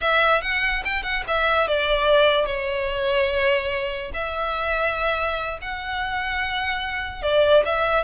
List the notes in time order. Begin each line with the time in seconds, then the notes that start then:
0.01 E5
0.41 F#5
0.84 G5
1.03 F#5
1.27 E5
1.67 D5
2.46 C#5
4.13 E5
5.61 F#5
7.22 D5
7.65 E5